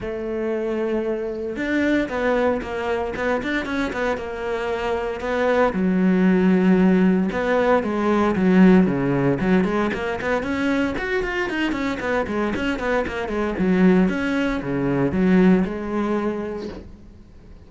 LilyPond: \new Staff \with { instrumentName = "cello" } { \time 4/4 \tempo 4 = 115 a2. d'4 | b4 ais4 b8 d'8 cis'8 b8 | ais2 b4 fis4~ | fis2 b4 gis4 |
fis4 cis4 fis8 gis8 ais8 b8 | cis'4 fis'8 f'8 dis'8 cis'8 b8 gis8 | cis'8 b8 ais8 gis8 fis4 cis'4 | cis4 fis4 gis2 | }